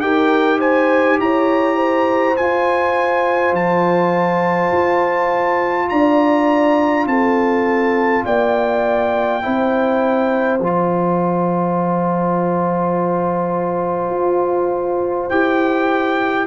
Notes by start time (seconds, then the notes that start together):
0.00 D#4 G4 A#4 G5
0.59 C5 G#5
1.19 E4 C#5 A#5
1.76 C5
2.36 F4 G#5
3.52 F3 A5
4.72 F4
5.88 D4 D5 A#5
7.05 C4 A4 A5
8.25 A#3 D5 G5
9.42 C4 E4 C5
10.59 F3 F4 A5
14.09 F4
15.29 E4 G4 G5